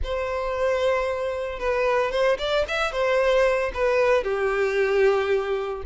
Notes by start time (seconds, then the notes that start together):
0.03 C5
1.59 B4
2.11 C5
2.38 D5
2.67 E5
2.92 C5
3.73 B4
4.23 G4